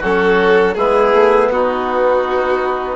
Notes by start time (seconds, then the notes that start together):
0.00 F#3 C#4 F#4 A4
0.75 G#3 B3 E4 G#4
1.14 A3
1.50 B3 D#4 F#4